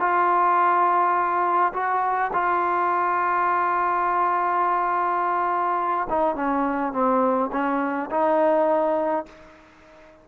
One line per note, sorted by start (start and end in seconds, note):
0.00 1.73 F4
1.74 2.31 F#4
2.33 6.08 F4
6.09 6.36 D#4
6.36 6.93 C#4
6.93 7.51 C4
7.52 8.10 C#4
8.11 9.26 D#4